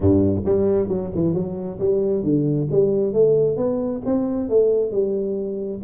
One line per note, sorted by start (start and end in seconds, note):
0.00 0.42 G2
0.45 0.88 G3
0.88 1.11 F#3
1.15 1.34 E3
1.34 1.78 F#3
1.79 2.23 G3
2.23 2.67 D3
2.71 3.13 G3
3.13 3.56 A3
3.56 4.01 B3
4.05 4.49 C4
4.49 4.91 A3
4.91 5.80 G3